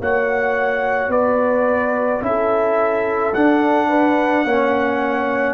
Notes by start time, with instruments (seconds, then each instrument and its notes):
0.00 tuba A#3, trombone F#4, horn C#5, trumpet F#5
1.08 tuba B3, horn B4, trumpet D5
2.22 tuba C#4, trombone E4, horn A4, trumpet E5
3.34 tuba D4, trombone D4, trumpet F#5
3.88 horn B4
4.44 tuba A#3, trombone C#4, horn C#5